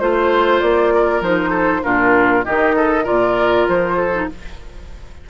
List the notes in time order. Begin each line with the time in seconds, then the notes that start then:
0.00 A3 F4 C5
0.61 A#3 D5
0.95 A#4
1.21 F3 D#4 C5
1.50 A4
1.83 A#2 D4 F4 A#4
2.45 D#3 D#4 G4 D#5
2.76 A4
3.04 A#2 F4 A#4 D5
3.69 F3 C5
3.97 A4
4.14 D#4